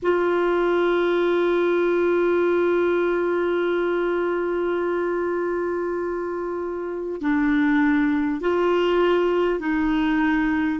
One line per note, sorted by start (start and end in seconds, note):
0.02 7.21 F4
7.21 8.40 D4
8.40 9.59 F4
9.59 10.79 D#4